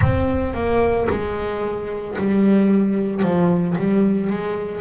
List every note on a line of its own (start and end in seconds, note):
0.01 0.54 C4
0.54 1.07 A#3
1.09 2.16 G#3
2.17 3.22 G3
3.22 3.75 F3
3.77 4.30 G3
4.30 4.80 G#3